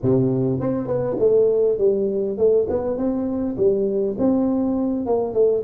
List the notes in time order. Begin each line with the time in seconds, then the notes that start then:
0.02 C3
0.59 C4
0.87 B3
1.19 A3
1.78 G3
2.37 A3
2.69 B3
2.97 C4
3.57 G3
4.18 C4
5.05 A#3
5.33 A3